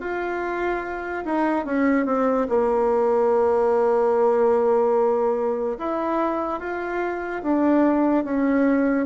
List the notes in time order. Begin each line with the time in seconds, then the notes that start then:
0.00 F4
1.24 D#4
1.65 C#4
2.05 C4
2.48 A#3
5.78 E4
6.59 F4
7.42 D4
8.24 C#4